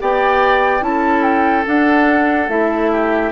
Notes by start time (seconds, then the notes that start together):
0.00 B3 G4 D5 G5
0.81 C#4 E4 A5
0.87 A4
1.23 G5
1.66 D4 F#5
2.49 A3 E4 E5
2.92 G4